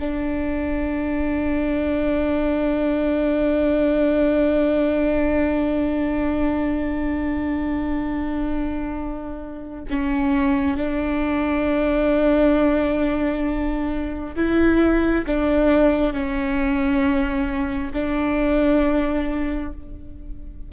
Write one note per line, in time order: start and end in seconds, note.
0.00 9.85 D4
9.90 10.77 C#4
10.77 14.36 D4
14.36 15.26 E4
15.27 16.14 D4
16.14 17.93 C#4
17.94 19.73 D4